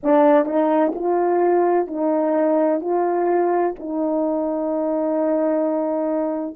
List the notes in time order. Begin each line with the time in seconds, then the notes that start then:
0.03 D4
0.45 D#4
0.94 F4
1.87 D#4
2.80 F4
3.79 D#4